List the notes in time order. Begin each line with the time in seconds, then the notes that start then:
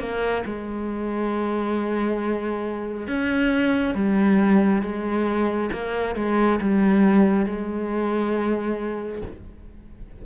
0.00 A#3
0.46 G#3
3.08 C#4
3.95 G3
4.82 G#3
5.72 A#3
6.16 G#3
6.61 G3
7.46 G#3